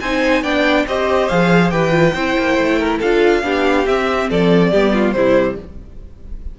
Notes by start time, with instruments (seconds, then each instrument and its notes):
0.00 cello C4, viola D#4, violin C5 G#5
0.42 cello B3, viola D4, violin D5 G5
0.87 cello C4, viola G4, violin C5 D#5
1.29 cello F3, viola G#4, violin F5
1.70 cello E3, viola G4, violin B4 G5
1.90 viola F4
2.14 cello C4, viola E4, violin C5
2.38 cello A#3
2.57 cello A3
2.79 violin A#4
2.98 cello D4, viola F4, violin A4 F5
3.42 cello B3, viola D4, violin G4
3.86 cello C4, viola C4, violin E5
4.30 cello F3, violin A4 D5
4.71 cello G3, viola B3, violin G4
4.93 violin F4
5.12 cello C3, viola G3, violin E4 C5